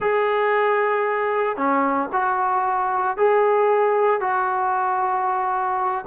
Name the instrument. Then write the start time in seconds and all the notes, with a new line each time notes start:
trombone
0.00 G#4
1.56 C#4
2.12 F#4
3.17 G#4
4.20 F#4